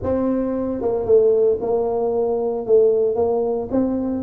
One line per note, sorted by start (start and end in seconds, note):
0.03 0.81 C4
0.81 1.05 A#3
1.05 1.58 A3
1.60 2.66 A#3
2.66 3.15 A3
3.15 3.68 A#3
3.71 4.23 C4